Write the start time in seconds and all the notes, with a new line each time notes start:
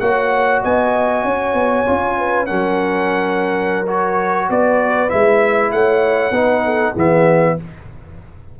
0.00 A#3 F#4 C#5 F#5
0.62 B3 D#5 G#5
1.23 C#4 C#5
1.54 B3
1.86 C#4 F4
2.18 B4
2.47 F#3 C#4 A#4 F#5
3.87 F#4 C#5
4.49 B3 B4 D5
5.09 G#3 E4 E5
5.72 A3 C#5 F#5
6.31 B3 D#4 B4
6.66 A4
6.93 E3 B3 G#4 E5